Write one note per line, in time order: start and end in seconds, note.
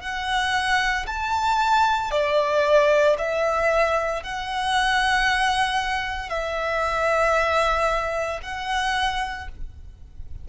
0.00 1.05 F#5
1.06 2.11 A5
2.11 3.16 D5
3.18 4.22 E5
4.22 6.29 F#5
6.29 8.39 E5
8.42 9.47 F#5